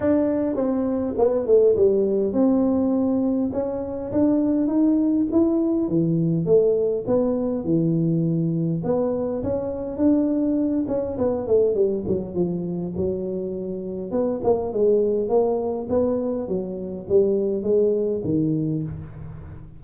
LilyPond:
\new Staff \with { instrumentName = "tuba" } { \time 4/4 \tempo 4 = 102 d'4 c'4 b8 a8 g4 | c'2 cis'4 d'4 | dis'4 e'4 e4 a4 | b4 e2 b4 |
cis'4 d'4. cis'8 b8 a8 | g8 fis8 f4 fis2 | b8 ais8 gis4 ais4 b4 | fis4 g4 gis4 dis4 | }